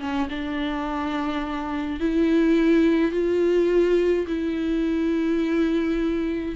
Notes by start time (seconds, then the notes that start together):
0.00 C#4
0.30 D4
2.01 E4
3.12 F4
4.28 E4